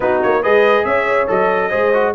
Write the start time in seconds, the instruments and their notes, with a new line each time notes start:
0.00 tuba B3, trombone D#4, horn F#4, trumpet B4
0.22 tuba A#3, trumpet C#5
0.41 tuba G#3, trombone G#4, horn B4, trumpet D#5
0.84 tuba C#4, horn C#5, trumpet E5
1.27 tuba F#3, trombone A4, trumpet D#5
1.69 tuba G#3, trombone G#4, horn C5
1.93 trombone F#4